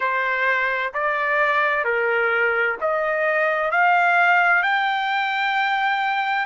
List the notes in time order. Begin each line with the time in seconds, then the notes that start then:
0.00 C5
0.93 D5
1.84 A#4
2.80 D#5
3.71 F5
4.62 G5